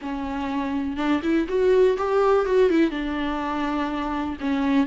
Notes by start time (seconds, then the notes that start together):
0.01 C#4
0.96 D4
1.22 E4
1.48 F#4
1.97 G4
2.45 F#4
2.70 E4
2.90 D4
4.40 C#4